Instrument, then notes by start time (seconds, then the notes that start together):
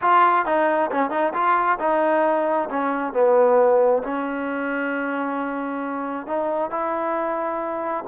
trombone
0.01 F4
0.45 D#4
0.91 C#4
1.10 D#4
1.33 F4
1.79 D#4
2.69 C#4
3.13 B3
4.03 C#4
6.27 D#4
6.70 E4